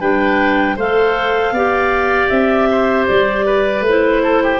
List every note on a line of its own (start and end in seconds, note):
0.00 0.77 G3
0.00 0.77 D4
0.00 0.76 B4
0.00 0.77 G5
0.76 1.52 A3
0.76 1.56 A4
0.76 1.53 C5
0.76 2.29 F5
1.52 2.29 B3
1.52 3.87 G4
1.52 2.69 D5
2.29 3.08 C4
2.29 3.06 E5
2.71 3.45 C5
3.07 3.81 G3
3.07 3.84 D5
3.45 4.22 B4
3.81 4.58 A3
3.88 4.60 E4
3.88 4.60 C5
4.23 4.42 A4
4.43 4.60 G4